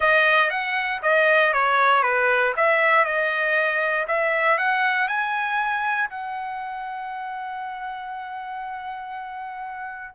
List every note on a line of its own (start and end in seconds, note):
0.00 0.50 D#5
0.50 1.01 F#5
1.02 1.53 D#5
1.53 2.02 C#5
2.02 2.53 B4
2.56 3.04 E5
3.04 4.06 D#5
4.07 4.58 E5
4.58 5.07 F#5
5.07 6.09 G#5
6.09 10.14 F#5